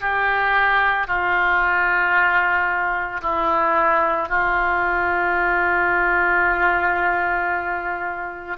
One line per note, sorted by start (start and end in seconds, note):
0.00 1.07 G4
1.07 3.21 F4
3.21 4.29 E4
4.29 8.57 F4